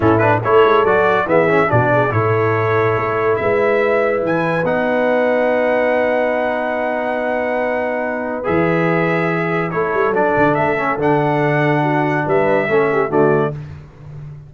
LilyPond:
<<
  \new Staff \with { instrumentName = "trumpet" } { \time 4/4 \tempo 4 = 142 a'8 b'8 cis''4 d''4 e''4 | d''4 cis''2. | e''2 gis''4 fis''4~ | fis''1~ |
fis''1 | e''2. cis''4 | d''4 e''4 fis''2~ | fis''4 e''2 d''4 | }
  \new Staff \with { instrumentName = "horn" } { \time 4/4 e'4 a'2 gis'4 | fis'8 gis'8 a'2. | b'1~ | b'1~ |
b'1~ | b'2. a'4~ | a'1 | fis'4 b'4 a'8 g'8 fis'4 | }
  \new Staff \with { instrumentName = "trombone" } { \time 4/4 cis'8 d'8 e'4 fis'4 b8 cis'8 | d'4 e'2.~ | e'2. dis'4~ | dis'1~ |
dis'1 | gis'2. e'4 | d'4. cis'8 d'2~ | d'2 cis'4 a4 | }
  \new Staff \with { instrumentName = "tuba" } { \time 4/4 a,4 a8 gis8 fis4 e4 | b,4 a,2 a4 | gis2 e4 b4~ | b1~ |
b1 | e2. a8 g8 | fis8 d8 a4 d2~ | d4 g4 a4 d4 | }
>>